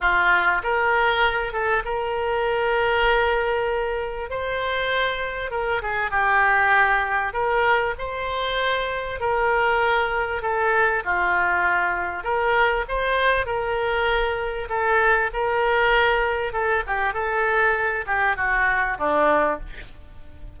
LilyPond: \new Staff \with { instrumentName = "oboe" } { \time 4/4 \tempo 4 = 98 f'4 ais'4. a'8 ais'4~ | ais'2. c''4~ | c''4 ais'8 gis'8 g'2 | ais'4 c''2 ais'4~ |
ais'4 a'4 f'2 | ais'4 c''4 ais'2 | a'4 ais'2 a'8 g'8 | a'4. g'8 fis'4 d'4 | }